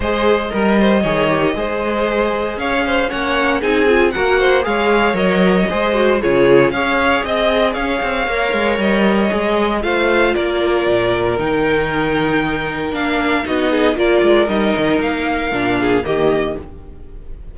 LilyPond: <<
  \new Staff \with { instrumentName = "violin" } { \time 4/4 \tempo 4 = 116 dis''1~ | dis''4 f''4 fis''4 gis''4 | fis''4 f''4 dis''2 | cis''4 f''4 dis''4 f''4~ |
f''4 dis''2 f''4 | d''2 g''2~ | g''4 f''4 dis''4 d''4 | dis''4 f''2 dis''4 | }
  \new Staff \with { instrumentName = "violin" } { \time 4/4 c''4 ais'8 c''8 cis''4 c''4~ | c''4 cis''8 c''8 cis''4 gis'4 | ais'8 c''8 cis''2 c''4 | gis'4 cis''4 dis''4 cis''4~ |
cis''2. c''4 | ais'1~ | ais'2 fis'8 gis'8 ais'4~ | ais'2~ ais'8 gis'8 g'4 | }
  \new Staff \with { instrumentName = "viola" } { \time 4/4 gis'4 ais'4 gis'8 g'8 gis'4~ | gis'2 cis'4 dis'8 f'8 | fis'4 gis'4 ais'4 gis'8 fis'8 | f'4 gis'2. |
ais'2 gis'4 f'4~ | f'2 dis'2~ | dis'4 d'4 dis'4 f'4 | dis'2 d'4 ais4 | }
  \new Staff \with { instrumentName = "cello" } { \time 4/4 gis4 g4 dis4 gis4~ | gis4 cis'4 ais4 c'4 | ais4 gis4 fis4 gis4 | cis4 cis'4 c'4 cis'8 c'8 |
ais8 gis8 g4 gis4 a4 | ais4 ais,4 dis2~ | dis4 ais4 b4 ais8 gis8 | g8 dis8 ais4 ais,4 dis4 | }
>>